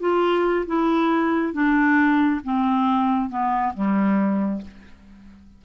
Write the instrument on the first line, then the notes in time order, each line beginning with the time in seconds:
clarinet
0.00 F4
0.66 E4
1.53 D4
2.44 C4
3.29 B3
3.74 G3